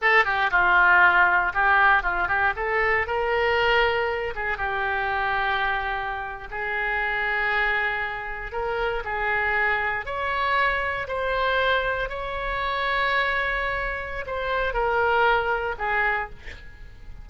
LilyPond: \new Staff \with { instrumentName = "oboe" } { \time 4/4 \tempo 4 = 118 a'8 g'8 f'2 g'4 | f'8 g'8 a'4 ais'2~ | ais'8 gis'8 g'2.~ | g'8. gis'2.~ gis'16~ |
gis'8. ais'4 gis'2 cis''16~ | cis''4.~ cis''16 c''2 cis''16~ | cis''1 | c''4 ais'2 gis'4 | }